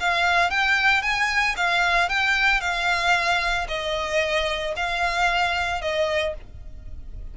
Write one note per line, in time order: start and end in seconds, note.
0.00 0.51 F5
0.51 1.03 G5
1.03 1.56 G#5
1.57 2.09 F5
2.09 2.61 G5
2.61 3.67 F5
3.68 4.74 D#5
4.76 5.82 F5
5.82 6.35 D#5